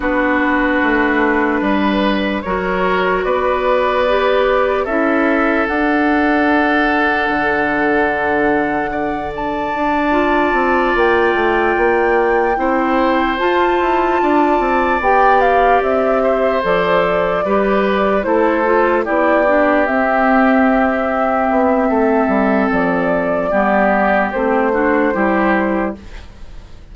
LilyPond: <<
  \new Staff \with { instrumentName = "flute" } { \time 4/4 \tempo 4 = 74 b'2. cis''4 | d''2 e''4 fis''4~ | fis''2.~ fis''8 a''8~ | a''4. g''2~ g''8~ |
g''8 a''2 g''8 f''8 e''8~ | e''8 d''2 c''4 d''8~ | d''8 e''2.~ e''8 | d''2 c''2 | }
  \new Staff \with { instrumentName = "oboe" } { \time 4/4 fis'2 b'4 ais'4 | b'2 a'2~ | a'2. d''4~ | d''2.~ d''8 c''8~ |
c''4. d''2~ d''8 | c''4. b'4 a'4 g'8~ | g'2. a'4~ | a'4 g'4. fis'8 g'4 | }
  \new Staff \with { instrumentName = "clarinet" } { \time 4/4 d'2. fis'4~ | fis'4 g'4 e'4 d'4~ | d'1~ | d'8 f'2. e'8~ |
e'8 f'2 g'4.~ | g'8 a'4 g'4 e'8 f'8 e'8 | d'8 c'2.~ c'8~ | c'4 b4 c'8 d'8 e'4 | }
  \new Staff \with { instrumentName = "bassoon" } { \time 4/4 b4 a4 g4 fis4 | b2 cis'4 d'4~ | d'4 d2. | d'4 c'8 ais8 a8 ais4 c'8~ |
c'8 f'8 e'8 d'8 c'8 b4 c'8~ | c'8 f4 g4 a4 b8~ | b8 c'2 b8 a8 g8 | f4 g4 a4 g4 | }
>>